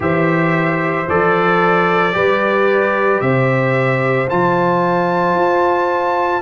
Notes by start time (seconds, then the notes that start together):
0.00 E3 G4 C5 E5
1.08 F3 A4 D5
2.12 G3 G4 B4
3.21 C3 C5 E5
4.29 F3 F4 A5
5.35 F4